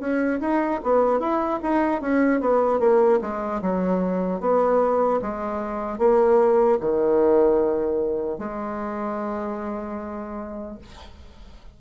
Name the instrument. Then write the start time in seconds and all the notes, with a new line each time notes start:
bassoon
0.00 C#4
0.41 D#4
0.84 B3
1.20 E4
1.63 D#4
2.01 C#4
2.41 B3
2.80 A#3
3.21 G#3
3.62 F#3
4.41 B3
5.22 G#3
5.99 A#3
6.81 D#3
8.39 G#3